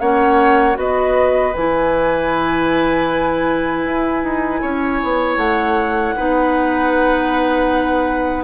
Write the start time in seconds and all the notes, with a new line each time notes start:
0.00 A#3 C#4 C#5 F#5
0.75 B3 F#4 B4 D#5
1.54 E3 E4 G#5
3.85 E4
4.24 D#4
4.61 C#4 C#5
5.03 B3
5.37 A3 F#5
6.17 B3 D#4 B4